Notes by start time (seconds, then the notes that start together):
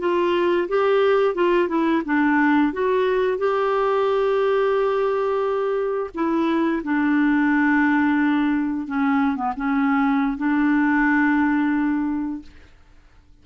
0.00 F4
0.68 G4
1.35 F4
1.69 E4
2.05 D4
2.73 F#4
3.38 G4
6.14 E4
6.83 D4
8.88 C#4
9.36 B3
9.57 C#4
10.38 D4